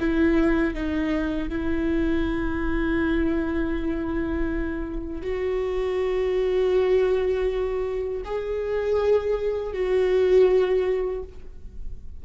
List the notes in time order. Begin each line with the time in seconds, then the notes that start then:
0.00 E4
0.74 D#4
1.49 E4
5.22 F#4
8.25 G#4
9.73 F#4